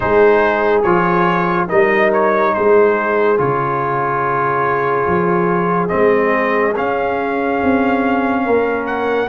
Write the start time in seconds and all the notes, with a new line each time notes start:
0.00 G#3 D#4 G#4 C5
0.82 F3 F4 C#5
1.68 G3 D#4 A#4 D#5
2.12 C#5
2.54 G#3 G#4 C5
3.37 C#3 F4 C#5
5.06 F3
5.88 G#3 C4 D#5
6.75 C#4 F5
7.62 C4
8.45 A#3 A#4
8.86 F#5